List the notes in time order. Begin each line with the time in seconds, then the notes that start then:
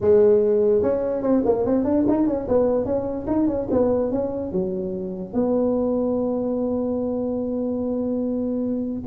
0.00 G#3
0.82 C#4
1.22 C4
1.45 A#3
1.65 C4
1.84 D4
2.08 D#4
2.26 C#4
2.48 B3
2.85 C#4
3.26 D#4
3.47 C#4
3.71 B3
4.11 C#4
4.51 F#3
5.33 B3